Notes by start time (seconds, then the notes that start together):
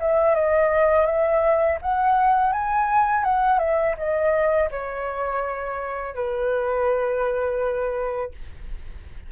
0.00 E5
0.35 D#5
1.06 E5
1.82 F#5
2.52 G#5
3.24 F#5
3.59 E5
3.98 D#5
4.71 C#5
6.15 B4